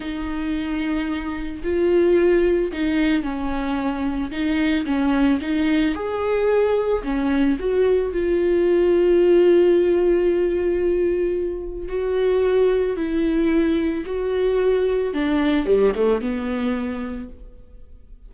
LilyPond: \new Staff \with { instrumentName = "viola" } { \time 4/4 \tempo 4 = 111 dis'2. f'4~ | f'4 dis'4 cis'2 | dis'4 cis'4 dis'4 gis'4~ | gis'4 cis'4 fis'4 f'4~ |
f'1~ | f'2 fis'2 | e'2 fis'2 | d'4 g8 a8 b2 | }